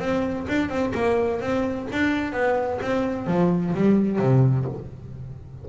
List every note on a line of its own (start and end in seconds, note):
0.00 0.47 C4
0.49 0.69 D4
0.69 0.93 C4
0.95 1.41 A#3
1.41 1.88 C4
1.92 2.33 D4
2.33 2.80 B3
2.82 3.27 C4
3.27 3.74 F3
3.75 4.19 G3
4.19 4.66 C3